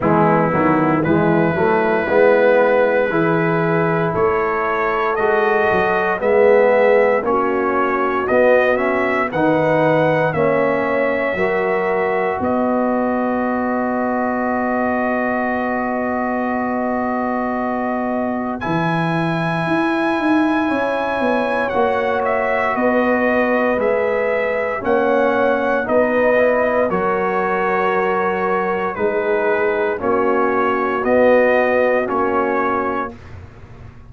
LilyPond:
<<
  \new Staff \with { instrumentName = "trumpet" } { \time 4/4 \tempo 4 = 58 e'4 b'2. | cis''4 dis''4 e''4 cis''4 | dis''8 e''8 fis''4 e''2 | dis''1~ |
dis''2 gis''2~ | gis''4 fis''8 e''8 dis''4 e''4 | fis''4 dis''4 cis''2 | b'4 cis''4 dis''4 cis''4 | }
  \new Staff \with { instrumentName = "horn" } { \time 4/4 b4 e'2 gis'4 | a'2 gis'4 fis'4~ | fis'4 b'4 cis''4 ais'4 | b'1~ |
b'1 | cis''2 b'2 | cis''4 b'4 ais'2 | gis'4 fis'2. | }
  \new Staff \with { instrumentName = "trombone" } { \time 4/4 gis8 fis8 gis8 a8 b4 e'4~ | e'4 fis'4 b4 cis'4 | b8 cis'8 dis'4 cis'4 fis'4~ | fis'1~ |
fis'2 e'2~ | e'4 fis'2 gis'4 | cis'4 dis'8 e'8 fis'2 | dis'4 cis'4 b4 cis'4 | }
  \new Staff \with { instrumentName = "tuba" } { \time 4/4 e8 dis8 e8 fis8 gis4 e4 | a4 gis8 fis8 gis4 ais4 | b4 dis4 ais4 fis4 | b1~ |
b2 e4 e'8 dis'8 | cis'8 b8 ais4 b4 gis4 | ais4 b4 fis2 | gis4 ais4 b4 ais4 | }
>>